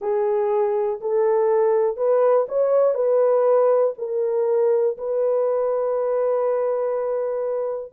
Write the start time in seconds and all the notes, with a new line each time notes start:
0.01 G#4
1.00 A4
1.97 B4
2.48 C#5
2.94 B4
3.98 A#4
4.97 B4